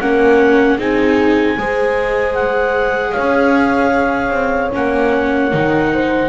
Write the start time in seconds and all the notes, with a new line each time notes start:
0.00 A#3 C#4 A#4 F#5
0.77 C4 D#4 G#4 G#5
1.58 G#3 G#4 C5
2.35 F#5
3.12 C#4 C#5 F5
4.31 C4
4.72 A#3 C#4 F#5
5.51 D#3 D#4
5.93 C5